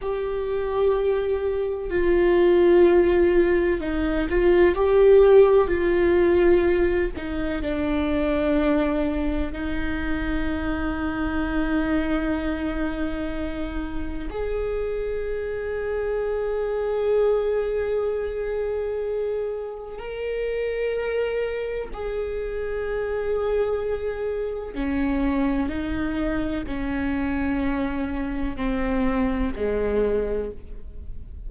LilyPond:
\new Staff \with { instrumentName = "viola" } { \time 4/4 \tempo 4 = 63 g'2 f'2 | dis'8 f'8 g'4 f'4. dis'8 | d'2 dis'2~ | dis'2. gis'4~ |
gis'1~ | gis'4 ais'2 gis'4~ | gis'2 cis'4 dis'4 | cis'2 c'4 gis4 | }